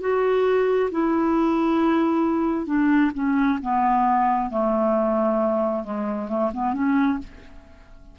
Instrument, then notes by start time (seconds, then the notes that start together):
clarinet
0.00 F#4
0.91 E4
2.66 D4
3.14 C#4
3.61 B3
4.50 A3
5.83 G#3
6.28 A3
6.53 B3
6.73 C#4